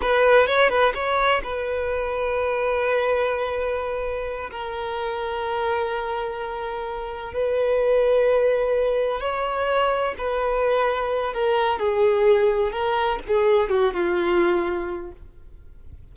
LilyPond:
\new Staff \with { instrumentName = "violin" } { \time 4/4 \tempo 4 = 127 b'4 cis''8 b'8 cis''4 b'4~ | b'1~ | b'4. ais'2~ ais'8~ | ais'2.~ ais'8 b'8~ |
b'2.~ b'8 cis''8~ | cis''4. b'2~ b'8 | ais'4 gis'2 ais'4 | gis'4 fis'8 f'2~ f'8 | }